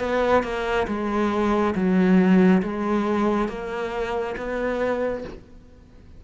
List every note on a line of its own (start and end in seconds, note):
0.00 0.43 B3
0.43 0.87 A#3
0.88 1.75 G#3
1.75 2.62 F#3
2.62 3.49 G#3
3.49 4.36 A#3
4.38 5.25 B3